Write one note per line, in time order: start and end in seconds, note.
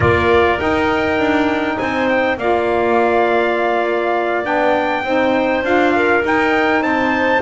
0.00 0.60 A#3
0.00 0.57 F4
0.00 1.77 A#4
0.00 0.59 D5
0.58 2.36 D#4
0.58 1.18 D#4
0.58 1.78 G5
1.18 1.77 D4
1.78 2.37 C4
1.78 2.37 C5
1.78 2.08 G#5
2.08 2.38 G5
2.37 4.45 A#3
2.37 4.43 F4
2.37 5.04 D5
2.37 4.45 F5
4.43 5.03 B3
4.43 5.02 D4
4.43 5.63 G5
5.03 5.63 C4
5.03 5.63 D#4
5.03 5.93 C5
5.63 6.22 D4
5.63 6.21 F4
5.63 6.24 F5
5.95 6.83 A#4
6.21 7.40 D#4
6.21 6.80 D#4
6.21 6.82 G5
6.80 7.40 C4
6.80 7.41 C5
6.80 7.41 A5